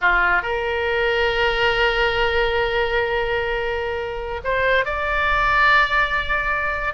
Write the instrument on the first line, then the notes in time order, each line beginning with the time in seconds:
oboe
0.01 F4
0.42 A#4
4.44 C5
4.85 D5